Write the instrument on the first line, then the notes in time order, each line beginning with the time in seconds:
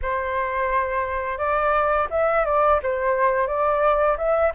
flute
0.02 C5
1.38 D5
2.10 E5
2.45 D5
2.83 C5
3.47 D5
4.17 E5